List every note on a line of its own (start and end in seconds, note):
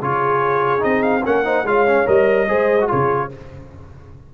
0.00 0.83 C#3
0.00 0.79 F4
0.00 1.23 G#4
0.00 0.83 C#5
0.79 1.25 C4
0.79 1.20 D#4
0.79 1.03 D#5
1.03 1.23 F5
1.23 1.63 A#3
1.23 1.44 C#4
1.23 1.44 A#4
1.23 1.67 F#5
1.44 1.65 D#4
1.44 1.65 C5
1.63 2.04 G#3
1.63 1.86 F4
1.63 2.48 C#5
1.63 2.08 F5
1.86 2.05 C#4
2.05 2.49 G3
2.05 2.47 A#4
2.05 2.90 D#5
2.48 2.90 G#3
2.48 2.79 G#4
2.48 2.89 C5
2.81 2.88 F#4
2.88 3.34 C#3
2.88 3.29 F4
2.88 3.30 G#4
2.88 3.31 C#5